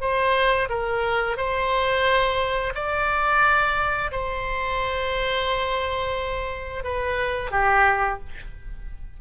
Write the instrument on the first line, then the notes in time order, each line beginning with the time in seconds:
oboe
0.00 C5
0.69 A#4
1.37 C5
2.74 D5
4.11 C5
6.83 B4
7.51 G4